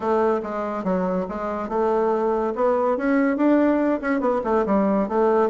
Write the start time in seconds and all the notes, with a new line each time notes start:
0.00 A3
0.42 G#3
0.83 F#3
1.28 G#3
1.69 A3
2.55 B3
2.97 C#4
3.36 D4
4.01 C#4
4.20 B3
4.43 A3
4.66 G3
5.08 A3